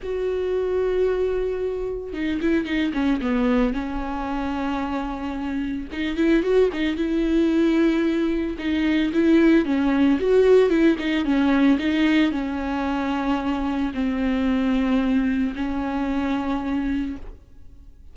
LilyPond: \new Staff \with { instrumentName = "viola" } { \time 4/4 \tempo 4 = 112 fis'1 | dis'8 e'8 dis'8 cis'8 b4 cis'4~ | cis'2. dis'8 e'8 | fis'8 dis'8 e'2. |
dis'4 e'4 cis'4 fis'4 | e'8 dis'8 cis'4 dis'4 cis'4~ | cis'2 c'2~ | c'4 cis'2. | }